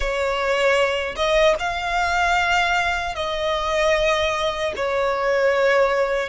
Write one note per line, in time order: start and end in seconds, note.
0.00 1.15 C#5
1.16 1.55 D#5
1.59 3.15 F5
3.15 4.73 D#5
4.75 6.29 C#5